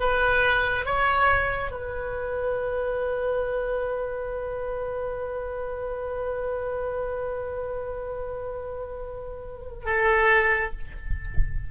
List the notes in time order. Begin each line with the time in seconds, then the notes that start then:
0.00 B4
0.86 C#5
1.71 B4
9.86 A4